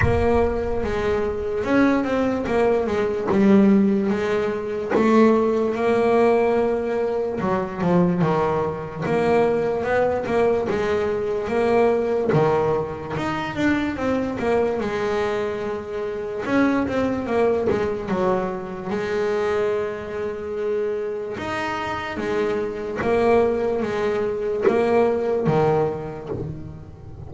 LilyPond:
\new Staff \with { instrumentName = "double bass" } { \time 4/4 \tempo 4 = 73 ais4 gis4 cis'8 c'8 ais8 gis8 | g4 gis4 a4 ais4~ | ais4 fis8 f8 dis4 ais4 | b8 ais8 gis4 ais4 dis4 |
dis'8 d'8 c'8 ais8 gis2 | cis'8 c'8 ais8 gis8 fis4 gis4~ | gis2 dis'4 gis4 | ais4 gis4 ais4 dis4 | }